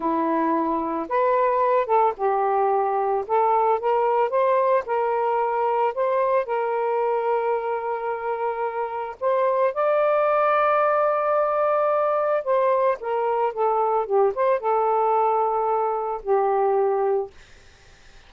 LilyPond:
\new Staff \with { instrumentName = "saxophone" } { \time 4/4 \tempo 4 = 111 e'2 b'4. a'8 | g'2 a'4 ais'4 | c''4 ais'2 c''4 | ais'1~ |
ais'4 c''4 d''2~ | d''2. c''4 | ais'4 a'4 g'8 c''8 a'4~ | a'2 g'2 | }